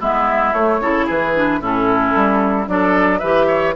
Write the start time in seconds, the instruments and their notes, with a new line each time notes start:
0.00 bassoon G#3, clarinet B3, oboe E4, flute E5
0.53 bassoon A3, clarinet A3, flute C#5
0.81 bassoon C#3, clarinet E4, oboe A4
1.06 bassoon E3, oboe G#4, flute B4
1.34 clarinet D4
1.61 bassoon A2, clarinet C#4, oboe E4, flute A4
2.15 bassoon G3
2.67 bassoon F#3, clarinet D4, oboe A4, flute D5
3.19 bassoon E3, clarinet G4, oboe B4, flute E5
3.47 oboe C#5